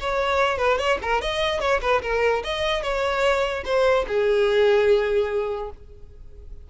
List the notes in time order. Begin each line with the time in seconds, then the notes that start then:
0.00 C#5
0.57 B4
0.78 C#5
1.02 A#4
1.21 D#5
1.60 C#5
1.81 B4
2.02 A#4
2.44 D#5
2.82 C#5
3.65 C5
4.08 G#4